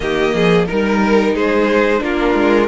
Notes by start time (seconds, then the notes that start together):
0.00 D#3 A#3 G4 D#5
0.34 F3 G#4
0.66 G3 D#4 A#4
1.34 G#3 G#4 C5
1.98 A#3 D4 F4 A#4
2.34 G#3